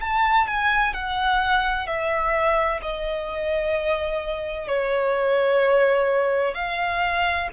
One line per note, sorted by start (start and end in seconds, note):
0.00 0.47 A5
0.47 0.93 G#5
0.93 1.87 F#5
1.87 2.80 E5
2.82 4.67 D#5
4.67 6.54 C#5
6.54 7.48 F5